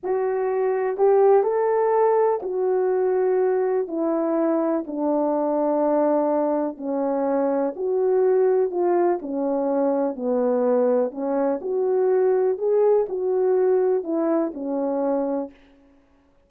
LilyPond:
\new Staff \with { instrumentName = "horn" } { \time 4/4 \tempo 4 = 124 fis'2 g'4 a'4~ | a'4 fis'2. | e'2 d'2~ | d'2 cis'2 |
fis'2 f'4 cis'4~ | cis'4 b2 cis'4 | fis'2 gis'4 fis'4~ | fis'4 e'4 cis'2 | }